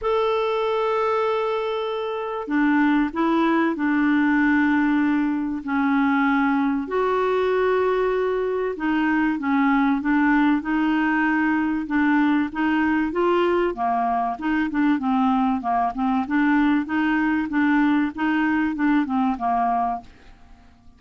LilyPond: \new Staff \with { instrumentName = "clarinet" } { \time 4/4 \tempo 4 = 96 a'1 | d'4 e'4 d'2~ | d'4 cis'2 fis'4~ | fis'2 dis'4 cis'4 |
d'4 dis'2 d'4 | dis'4 f'4 ais4 dis'8 d'8 | c'4 ais8 c'8 d'4 dis'4 | d'4 dis'4 d'8 c'8 ais4 | }